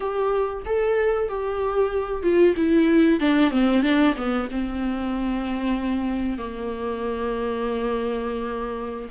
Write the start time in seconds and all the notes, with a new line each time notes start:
0.00 G4
0.65 A4
1.28 G4
2.23 F4
2.56 E4
3.19 D4
3.50 C4
3.82 D4
4.16 B3
4.51 C4
6.37 A#3